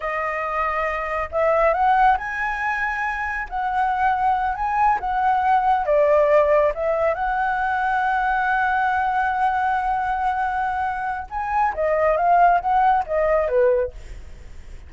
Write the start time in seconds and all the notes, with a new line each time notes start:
0.00 D#5
1.31 E5
1.73 F#5
2.17 G#5
3.49 F#5
4.55 G#5
5.00 F#5
5.85 D5
6.74 E5
7.14 F#5
11.30 G#5
11.74 D#5
12.16 F5
12.60 F#5
13.06 D#5
13.48 B4